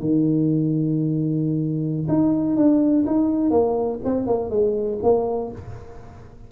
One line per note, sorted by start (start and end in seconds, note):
0.00 2.07 D#3
2.08 2.57 D#4
2.57 3.05 D4
3.06 3.51 D#4
3.51 4.00 A#3
4.05 4.27 C4
4.27 4.50 A#3
4.50 4.99 G#3
5.03 5.52 A#3